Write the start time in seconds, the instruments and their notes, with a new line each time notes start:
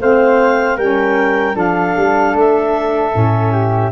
0.00 tuba A3, saxophone C4, flute C5, clarinet F5
0.77 tuba G3, saxophone C#4, flute A#4, clarinet G5
1.53 tuba F3, saxophone D4, flute A4, clarinet F5
1.96 tuba G3
2.34 tuba A3, clarinet E5
3.12 tuba A2, saxophone C#4
3.52 flute G4